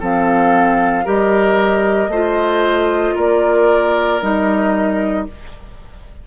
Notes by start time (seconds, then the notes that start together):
0.00 F3 C4 A4 F5
1.05 G3 G4 A#4 D#5
2.08 A3 F4 C5
3.15 A#3 A#4 D5
4.21 G3 D#4 D#5